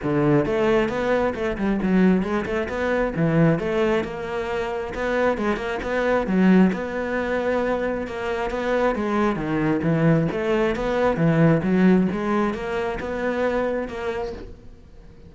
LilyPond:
\new Staff \with { instrumentName = "cello" } { \time 4/4 \tempo 4 = 134 d4 a4 b4 a8 g8 | fis4 gis8 a8 b4 e4 | a4 ais2 b4 | gis8 ais8 b4 fis4 b4~ |
b2 ais4 b4 | gis4 dis4 e4 a4 | b4 e4 fis4 gis4 | ais4 b2 ais4 | }